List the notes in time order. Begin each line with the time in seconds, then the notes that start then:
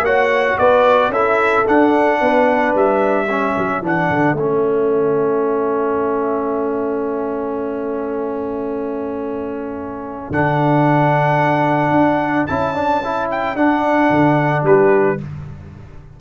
0.00 A#3 F#4 C#5 F#5
0.58 B3 B4 D5
1.09 C#4 A4 E5
1.15 E4
1.66 D4 F#5
2.21 B3 B4
2.74 G3 E5
3.26 C#4 A4
3.58 F#3
3.81 E3 D4 F#5
4.10 D3
4.33 A3 C#4 E5
10.30 D3 D4 F#5
11.90 D4
12.46 C#4 E4 A5
12.74 D4
13.04 E4
13.31 G5
13.56 D4 F#5
14.10 D3
14.63 G3 G4 B4